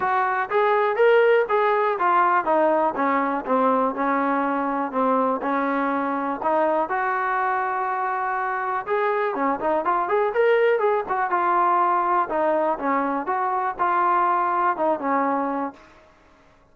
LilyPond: \new Staff \with { instrumentName = "trombone" } { \time 4/4 \tempo 4 = 122 fis'4 gis'4 ais'4 gis'4 | f'4 dis'4 cis'4 c'4 | cis'2 c'4 cis'4~ | cis'4 dis'4 fis'2~ |
fis'2 gis'4 cis'8 dis'8 | f'8 gis'8 ais'4 gis'8 fis'8 f'4~ | f'4 dis'4 cis'4 fis'4 | f'2 dis'8 cis'4. | }